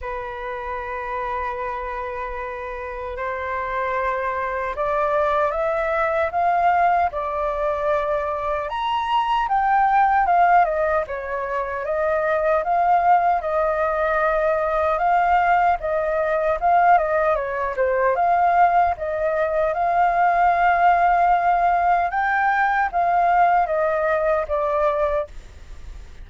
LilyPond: \new Staff \with { instrumentName = "flute" } { \time 4/4 \tempo 4 = 76 b'1 | c''2 d''4 e''4 | f''4 d''2 ais''4 | g''4 f''8 dis''8 cis''4 dis''4 |
f''4 dis''2 f''4 | dis''4 f''8 dis''8 cis''8 c''8 f''4 | dis''4 f''2. | g''4 f''4 dis''4 d''4 | }